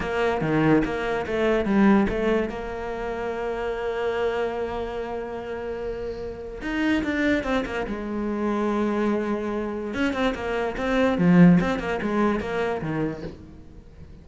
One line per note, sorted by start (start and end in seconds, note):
0.00 0.41 A#3
0.41 0.82 D#3
0.84 1.26 A#3
1.26 1.65 A3
1.65 2.06 G3
2.09 2.49 A3
2.49 6.61 A#3
6.61 7.03 D#4
7.03 7.43 D4
7.43 7.64 C4
7.65 7.86 A#3
7.87 9.94 G#3
9.94 10.13 C#4
10.13 10.34 C4
10.34 10.76 A#3
10.77 11.17 C4
11.17 11.59 F3
11.61 11.79 C4
11.79 12.00 A#3
12.02 12.39 G#3
12.39 12.81 A#3
12.81 13.22 D#3